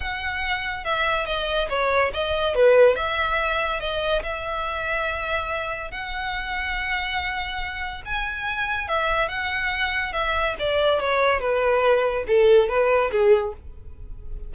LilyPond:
\new Staff \with { instrumentName = "violin" } { \time 4/4 \tempo 4 = 142 fis''2 e''4 dis''4 | cis''4 dis''4 b'4 e''4~ | e''4 dis''4 e''2~ | e''2 fis''2~ |
fis''2. gis''4~ | gis''4 e''4 fis''2 | e''4 d''4 cis''4 b'4~ | b'4 a'4 b'4 gis'4 | }